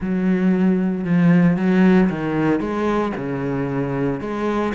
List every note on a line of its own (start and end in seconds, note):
0.00 1.04 F#3
1.04 1.56 F3
1.56 2.09 F#3
2.09 2.60 D#3
2.60 3.12 G#3
3.17 4.20 C#3
4.20 4.73 G#3